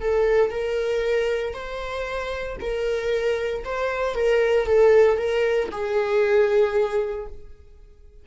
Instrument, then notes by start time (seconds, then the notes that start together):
viola
0.00 A4
0.50 A#4
1.53 C5
2.60 A#4
3.64 C5
4.14 A#4
4.66 A4
5.17 A#4
5.71 G#4